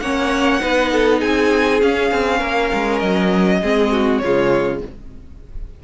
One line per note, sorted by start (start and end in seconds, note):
0.00 0.61 A#3
0.00 0.60 C#4
0.00 0.61 C#5
0.00 1.20 F#5
0.60 1.22 B3
0.60 1.80 D#4
0.60 0.92 B4
0.93 1.20 A4
1.20 1.82 C4
1.20 2.38 G#4
1.20 1.81 G#5
1.82 2.12 C#4
1.82 3.62 C#4
1.82 2.99 F5
2.12 2.42 C4
2.38 2.72 A#3
2.38 3.58 A#4
2.74 3.02 G#3
2.99 3.62 F#3
2.99 4.19 D#5
3.62 4.22 G#3
3.62 4.23 C4
3.62 3.92 G#4
3.92 4.22 F#4
4.19 4.82 C#3
4.19 4.84 G#3
4.19 4.84 F4
4.19 4.79 C#5